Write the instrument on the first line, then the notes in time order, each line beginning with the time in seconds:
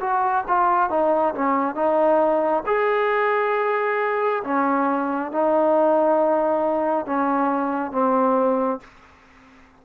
trombone
0.00 F#4
0.47 F4
0.90 D#4
1.34 C#4
1.75 D#4
2.66 G#4
4.44 C#4
5.32 D#4
7.06 C#4
7.92 C4